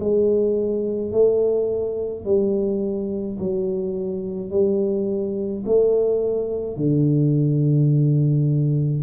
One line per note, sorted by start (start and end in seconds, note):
0.00 1.12 G#3
1.12 2.25 A3
2.25 3.39 G3
3.39 4.51 F#3
4.51 5.64 G3
5.66 6.77 A3
6.77 9.04 D3